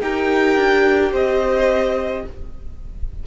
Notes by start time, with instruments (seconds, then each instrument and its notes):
0.00 cello D#4, viola G4, violin A#4 G5
0.56 cello D4
1.12 cello C4, violin C5 D#5